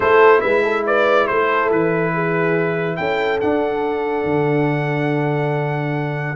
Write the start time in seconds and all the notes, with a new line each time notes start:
0.00 A3 E4 A4 C5
0.40 G#3 B4 E5
0.63 A4
0.86 B4 D5
1.27 A3 A4 C5
1.70 E3 B4
2.13 G#4
2.96 C#4 A4 G5
3.40 D4 F#5
4.24 D3